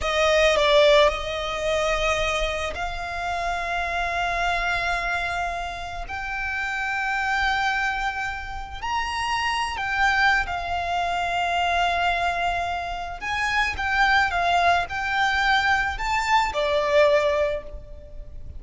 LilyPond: \new Staff \with { instrumentName = "violin" } { \time 4/4 \tempo 4 = 109 dis''4 d''4 dis''2~ | dis''4 f''2.~ | f''2. g''4~ | g''1 |
ais''4.~ ais''16 g''4~ g''16 f''4~ | f''1 | gis''4 g''4 f''4 g''4~ | g''4 a''4 d''2 | }